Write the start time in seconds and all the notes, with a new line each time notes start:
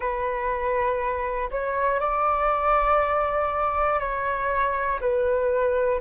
0.00 B4
1.50 C#5
2.00 D5
3.99 C#5
5.00 B4